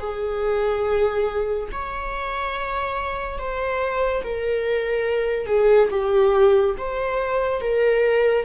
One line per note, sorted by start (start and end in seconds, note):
0.00 1.69 G#4
1.72 3.39 C#5
3.39 4.24 C5
4.24 5.47 A#4
5.47 5.89 G#4
5.91 6.76 G4
6.78 7.61 C5
7.61 8.45 A#4